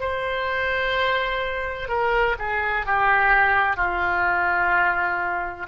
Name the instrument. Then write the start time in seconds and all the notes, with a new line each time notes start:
oboe
0.00 C5
1.89 A#4
2.39 G#4
2.86 G4
3.76 F4